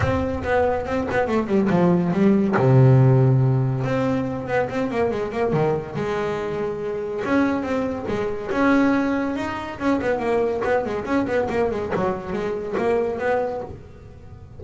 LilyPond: \new Staff \with { instrumentName = "double bass" } { \time 4/4 \tempo 4 = 141 c'4 b4 c'8 b8 a8 g8 | f4 g4 c2~ | c4 c'4. b8 c'8 ais8 | gis8 ais8 dis4 gis2~ |
gis4 cis'4 c'4 gis4 | cis'2 dis'4 cis'8 b8 | ais4 b8 gis8 cis'8 b8 ais8 gis8 | fis4 gis4 ais4 b4 | }